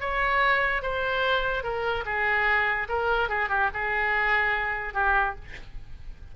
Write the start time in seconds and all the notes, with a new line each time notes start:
0.00 C#5
0.82 C5
1.63 A#4
2.05 G#4
2.88 A#4
3.29 G#4
3.49 G4
3.74 G#4
4.94 G4